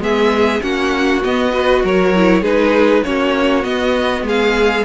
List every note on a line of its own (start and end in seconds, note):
0.00 0.61 G#3
0.00 0.61 B3
0.00 0.64 G#4
0.00 0.62 E5
0.62 1.24 A#3
0.62 1.23 C#4
0.62 1.52 F#4
0.62 1.23 F#5
1.24 1.52 B3
1.24 1.84 B3
1.24 1.85 D#5
1.52 2.12 F#4
1.52 1.83 B4
1.84 2.42 F#3
1.84 2.42 A#4
1.84 2.44 C#5
2.16 2.44 E4
2.42 3.02 G#3
2.42 3.05 D#4
2.42 3.03 G#4
2.42 3.04 B4
3.04 3.65 A#3
3.04 3.63 C#4
3.04 4.27 F#4
3.04 3.65 C#5
3.63 4.84 B3
3.63 4.23 B3
3.63 4.25 D#5
4.23 4.83 G#3
4.23 4.86 G#4
4.29 4.86 F5